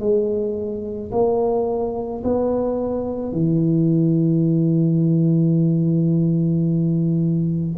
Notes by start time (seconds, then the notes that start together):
0.00 G#3
1.12 A#3
2.24 B3
3.32 E3